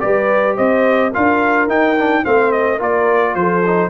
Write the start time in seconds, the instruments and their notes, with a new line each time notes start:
0.00 tuba G3, trombone G4, horn B4, trumpet D5
0.56 tuba C4, horn C5, trumpet D#5
1.11 tuba D4, trombone F4, horn A#4, trumpet F5
1.68 tuba D#4, trombone D#4, trumpet G5
1.97 trombone D4
2.24 tuba A3, trombone C4, horn C5, trumpet F5
2.52 trumpet D#5
2.76 tuba A#3, trombone F4, horn A#4, trumpet D5
3.35 tuba F3, horn A4, trumpet C5
3.66 trombone D#4